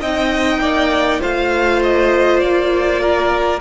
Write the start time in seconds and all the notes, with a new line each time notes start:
0.00 C4 D#4 D#5 G5
0.58 A#3 D5
1.21 A3 F4 C5 F5
1.83 D#5
2.39 A#3 D5
3.00 A#4